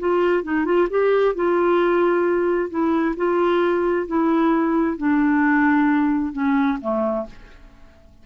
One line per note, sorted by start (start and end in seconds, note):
0.00 0.44 F4
0.44 0.66 D#4
0.66 0.88 F4
0.90 1.36 G4
1.36 2.70 F4
2.70 3.16 E4
3.17 4.08 F4
4.08 4.98 E4
4.98 6.33 D4
6.33 6.79 C#4
6.81 7.27 A3